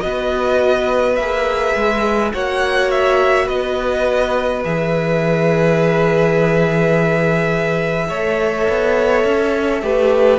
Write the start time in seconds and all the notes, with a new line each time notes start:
0.00 B3 F#4 B4 D#5
1.15 A#3 G#4 E5
1.75 G#3
2.33 A#3 F#4 C#5 F#5
2.91 E5
3.46 B3 B4 D#5
4.64 E3 G#4 E5
8.08 A3 A4 C#5
8.69 B3
9.24 C#4
9.82 A3 G4 B4